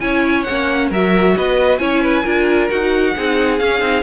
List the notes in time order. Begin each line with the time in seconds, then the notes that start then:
0.00 C#4 E4 C#5 G#5
0.43 C#4 F#5
0.50 A#3
0.90 F#3 F#4 A#4 E5
1.37 B3 B4 D#5
1.78 C#4 E4 C#5 G#5
2.02 B4
2.24 D4 F4 A#4
2.70 D#4 F#4 F#5
3.15 C4 D#4 G#4
3.59 C#4 F5
3.81 C4 D#4